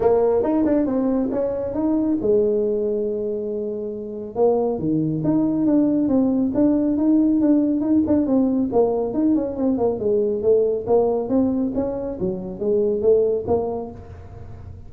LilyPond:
\new Staff \with { instrumentName = "tuba" } { \time 4/4 \tempo 4 = 138 ais4 dis'8 d'8 c'4 cis'4 | dis'4 gis2.~ | gis2 ais4 dis4 | dis'4 d'4 c'4 d'4 |
dis'4 d'4 dis'8 d'8 c'4 | ais4 dis'8 cis'8 c'8 ais8 gis4 | a4 ais4 c'4 cis'4 | fis4 gis4 a4 ais4 | }